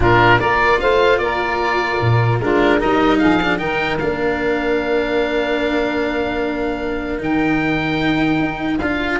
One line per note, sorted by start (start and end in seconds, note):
0.00 0.40 A#2
0.00 0.37 D4
0.00 0.39 F4
0.00 0.40 A#4
0.39 0.81 A#3
0.39 2.41 F4
0.39 0.79 A#4
0.39 0.80 D5
0.80 1.19 A3
0.80 1.20 C5
0.80 1.18 F5
1.18 1.99 A#3
1.18 2.41 A#4
1.18 2.38 D5
2.00 2.40 A#2
2.40 2.80 G#3
2.40 2.79 D4
2.40 2.77 F4
2.40 2.80 A#4
2.77 3.22 G3
2.77 3.39 D#4
2.77 3.17 A#4
2.77 3.18 D#5
3.18 3.59 F3
3.18 3.59 G#4
3.18 3.58 F5
3.42 3.58 D4
3.58 3.99 D#3
3.58 3.98 D#4
3.58 9.19 A#4
3.58 3.98 G5
3.98 7.20 A#3
3.98 7.18 D4
3.98 7.18 F5
7.18 8.39 D#3
7.18 8.78 D#4
7.18 8.78 G5
8.39 8.79 D#4
8.78 9.20 D4
8.78 9.20 F4
8.78 9.18 F5